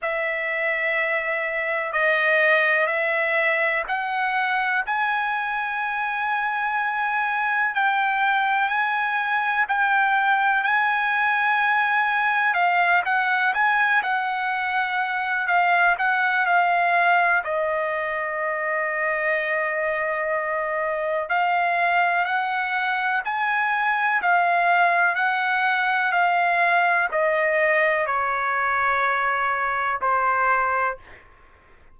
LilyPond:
\new Staff \with { instrumentName = "trumpet" } { \time 4/4 \tempo 4 = 62 e''2 dis''4 e''4 | fis''4 gis''2. | g''4 gis''4 g''4 gis''4~ | gis''4 f''8 fis''8 gis''8 fis''4. |
f''8 fis''8 f''4 dis''2~ | dis''2 f''4 fis''4 | gis''4 f''4 fis''4 f''4 | dis''4 cis''2 c''4 | }